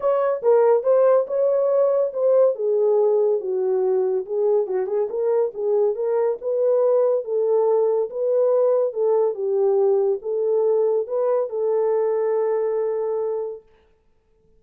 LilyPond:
\new Staff \with { instrumentName = "horn" } { \time 4/4 \tempo 4 = 141 cis''4 ais'4 c''4 cis''4~ | cis''4 c''4 gis'2 | fis'2 gis'4 fis'8 gis'8 | ais'4 gis'4 ais'4 b'4~ |
b'4 a'2 b'4~ | b'4 a'4 g'2 | a'2 b'4 a'4~ | a'1 | }